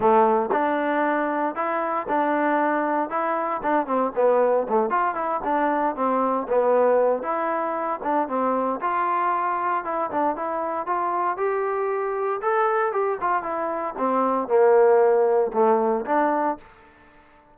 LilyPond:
\new Staff \with { instrumentName = "trombone" } { \time 4/4 \tempo 4 = 116 a4 d'2 e'4 | d'2 e'4 d'8 c'8 | b4 a8 f'8 e'8 d'4 c'8~ | c'8 b4. e'4. d'8 |
c'4 f'2 e'8 d'8 | e'4 f'4 g'2 | a'4 g'8 f'8 e'4 c'4 | ais2 a4 d'4 | }